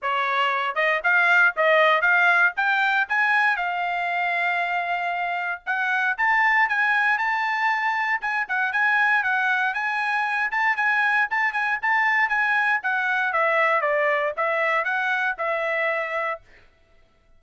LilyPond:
\new Staff \with { instrumentName = "trumpet" } { \time 4/4 \tempo 4 = 117 cis''4. dis''8 f''4 dis''4 | f''4 g''4 gis''4 f''4~ | f''2. fis''4 | a''4 gis''4 a''2 |
gis''8 fis''8 gis''4 fis''4 gis''4~ | gis''8 a''8 gis''4 a''8 gis''8 a''4 | gis''4 fis''4 e''4 d''4 | e''4 fis''4 e''2 | }